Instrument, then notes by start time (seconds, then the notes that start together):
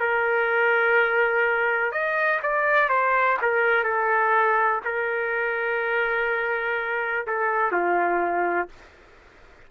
trumpet
0.00 A#4
1.92 D#5
2.43 D5
2.89 C5
3.42 A#4
3.84 A4
4.85 A#4
7.27 A4
7.72 F4